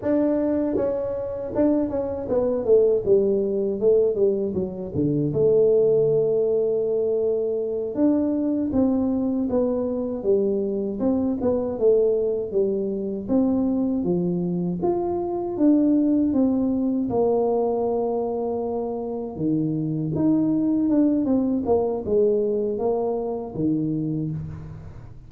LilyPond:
\new Staff \with { instrumentName = "tuba" } { \time 4/4 \tempo 4 = 79 d'4 cis'4 d'8 cis'8 b8 a8 | g4 a8 g8 fis8 d8 a4~ | a2~ a8 d'4 c'8~ | c'8 b4 g4 c'8 b8 a8~ |
a8 g4 c'4 f4 f'8~ | f'8 d'4 c'4 ais4.~ | ais4. dis4 dis'4 d'8 | c'8 ais8 gis4 ais4 dis4 | }